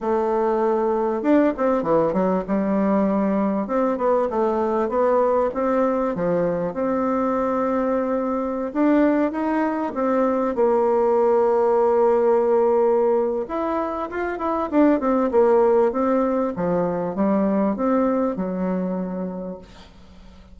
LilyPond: \new Staff \with { instrumentName = "bassoon" } { \time 4/4 \tempo 4 = 98 a2 d'8 c'8 e8 fis8 | g2 c'8 b8 a4 | b4 c'4 f4 c'4~ | c'2~ c'16 d'4 dis'8.~ |
dis'16 c'4 ais2~ ais8.~ | ais2 e'4 f'8 e'8 | d'8 c'8 ais4 c'4 f4 | g4 c'4 fis2 | }